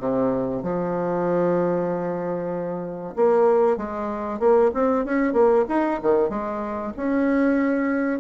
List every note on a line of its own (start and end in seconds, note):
0.00 0.63 C3
0.63 3.16 F3
3.16 3.77 A#3
3.77 4.40 G#3
4.40 4.71 A#3
4.74 5.05 C4
5.05 5.33 C#4
5.33 5.65 A#3
5.69 6.00 D#4
6.03 6.30 D#3
6.30 6.93 G#3
6.97 8.20 C#4